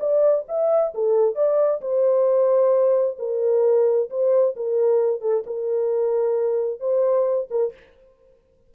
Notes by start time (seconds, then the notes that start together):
0.00 D5
0.48 E5
0.94 A4
1.35 D5
1.81 C5
3.19 A#4
4.10 C5
4.56 A#4
5.21 A4
5.46 A#4
6.80 C5
7.51 A#4